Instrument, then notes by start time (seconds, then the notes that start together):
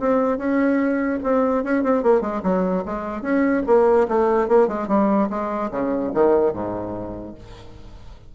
bassoon
0.00 C4
0.38 C#4
1.23 C4
1.64 C#4
1.83 C4
2.03 A#3
2.21 G#3
2.43 F#3
2.85 G#3
3.22 C#4
3.67 A#3
4.08 A3
4.48 A#3
4.68 G#3
4.88 G3
5.30 G#3
5.71 C#3
6.14 D#3
6.53 G#2